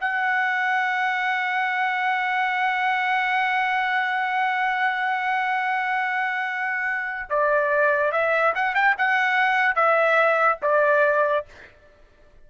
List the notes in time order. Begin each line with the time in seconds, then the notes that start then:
0.00 F#5
7.30 D5
8.12 E5
8.55 F#5
8.74 G5
8.98 F#5
9.75 E5
10.62 D5